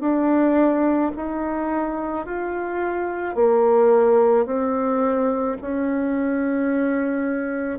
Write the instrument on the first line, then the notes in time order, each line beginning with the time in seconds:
bassoon
0.00 D4
1.17 D#4
2.26 F4
3.35 A#3
4.46 C4
5.62 C#4